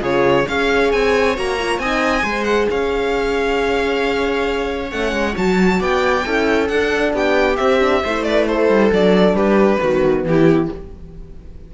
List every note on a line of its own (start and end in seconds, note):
0.00 0.46 C#3
0.00 0.45 F4
0.00 0.44 G#4
0.00 0.47 C#5
0.47 0.92 C#4
0.47 1.35 G#4
0.47 1.81 C#5
0.47 0.91 F5
0.91 1.37 C4
0.91 1.36 G#5
1.35 1.78 A#3
1.35 1.58 F#4
1.35 1.79 A#5
1.58 1.81 F4
1.78 2.23 C4
1.78 2.22 D#4
1.78 2.23 D#5
1.78 2.43 G#5
2.22 2.67 G#3
2.22 4.88 G#4
2.22 2.67 C5
2.43 2.66 F#5
2.70 4.92 C#4
2.70 5.79 C#5
2.70 4.90 F5
4.90 5.12 A3
4.90 5.32 C#4
4.90 5.35 F#5
5.12 5.34 G#3
5.32 5.80 F#3
5.32 6.21 F#4
5.32 5.82 A5
5.79 6.25 B3
5.79 6.24 D5
5.79 6.68 G5
6.24 6.69 C#4
6.24 6.68 E4
6.24 7.14 A4
6.68 7.13 D4
6.68 7.57 D4
6.68 7.12 F#5
7.13 7.58 B3
7.13 8.03 G4
7.13 7.56 G5
7.56 7.79 C4
7.56 8.03 C4
7.56 8.23 E5
7.79 8.02 D4
8.04 8.69 A3
8.04 8.92 E4
8.04 8.26 C5
8.23 8.48 B4
8.23 8.45 D5
8.47 9.36 A4
8.47 8.91 C5
8.69 8.91 G3
8.91 9.33 F#3
8.91 9.81 D4
8.91 9.35 D5
9.33 9.78 G3
9.33 9.81 G4
9.33 10.24 B4
9.81 10.24 D#3
9.81 10.71 B3
9.81 10.26 F#4
10.24 10.68 E3
10.24 10.73 E4
10.24 10.71 G4